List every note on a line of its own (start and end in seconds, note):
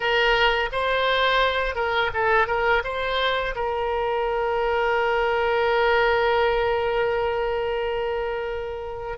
0.00 0.69 A#4
0.72 1.75 C5
1.75 2.10 A#4
2.13 2.47 A4
2.47 2.82 A#4
2.84 3.54 C5
3.55 9.18 A#4